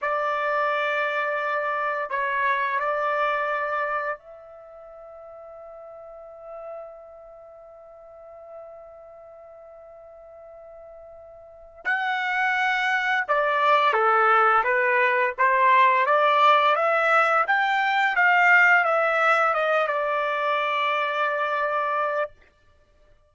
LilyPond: \new Staff \with { instrumentName = "trumpet" } { \time 4/4 \tempo 4 = 86 d''2. cis''4 | d''2 e''2~ | e''1~ | e''1~ |
e''4 fis''2 d''4 | a'4 b'4 c''4 d''4 | e''4 g''4 f''4 e''4 | dis''8 d''2.~ d''8 | }